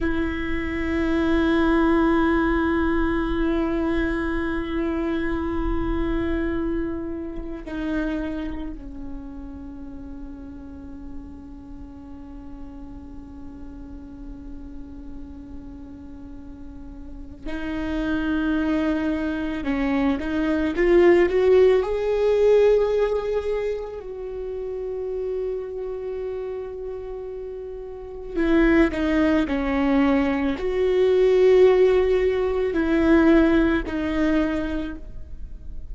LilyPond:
\new Staff \with { instrumentName = "viola" } { \time 4/4 \tempo 4 = 55 e'1~ | e'2. dis'4 | cis'1~ | cis'1 |
dis'2 cis'8 dis'8 f'8 fis'8 | gis'2 fis'2~ | fis'2 e'8 dis'8 cis'4 | fis'2 e'4 dis'4 | }